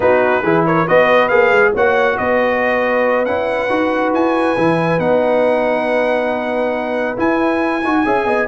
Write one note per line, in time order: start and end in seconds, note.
0.00 0.43 B3
0.00 0.43 D#4
0.00 0.42 F#4
0.00 0.65 B4
0.42 0.86 E3
0.42 0.87 E4
0.42 0.64 G#4
0.65 0.85 A#4
0.65 0.87 C#5
0.85 1.30 B3
0.85 1.30 F#4
0.85 1.72 B4
0.85 1.28 D#5
1.28 1.51 A#3
1.28 1.73 G#4
1.28 1.71 F5
1.51 1.73 G#3
1.74 2.18 A#3
1.74 3.26 F#4
1.74 2.17 C#5
1.74 2.17 F#5
2.17 3.26 B3
2.17 8.05 B4
2.17 3.25 D#5
3.25 3.69 C#4
3.25 3.69 E4
3.25 4.12 F#5
3.69 4.12 D#4
3.69 4.56 F#4
4.12 4.56 E4
4.12 4.99 G#5
4.57 4.98 E3
4.57 4.99 E4
4.98 7.16 B3
4.98 7.16 D#4
4.98 7.16 F#5
7.16 7.82 E4
7.16 7.83 E4
7.16 8.48 G#5
7.83 8.05 D#4
7.83 8.05 F#4
8.05 8.25 C#4
8.05 8.48 G#4
8.05 8.27 E5
8.25 8.47 B3
8.25 8.48 D#5